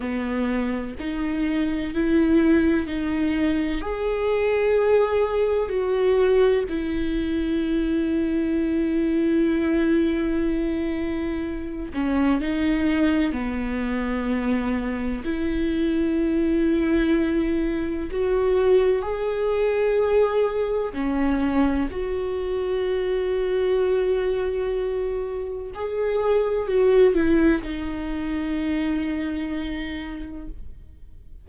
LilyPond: \new Staff \with { instrumentName = "viola" } { \time 4/4 \tempo 4 = 63 b4 dis'4 e'4 dis'4 | gis'2 fis'4 e'4~ | e'1~ | e'8 cis'8 dis'4 b2 |
e'2. fis'4 | gis'2 cis'4 fis'4~ | fis'2. gis'4 | fis'8 e'8 dis'2. | }